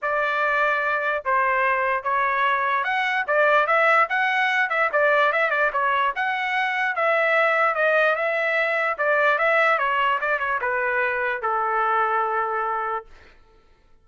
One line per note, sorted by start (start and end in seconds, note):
0.01 1.24 D5
1.24 2.03 C5
2.03 2.84 C#5
2.84 3.24 F#5
3.27 3.66 D5
3.66 4.07 E5
4.09 4.69 F#5
4.69 4.90 E5
4.92 5.32 D5
5.32 5.50 E5
5.50 5.70 D5
5.72 6.13 C#5
6.15 6.95 F#5
6.95 7.74 E5
7.74 8.15 D#5
8.15 8.97 E5
8.97 9.38 D5
9.38 9.78 E5
9.78 10.19 C#5
10.21 10.39 D5
10.39 10.59 C#5
10.61 11.42 B4
11.42 13.05 A4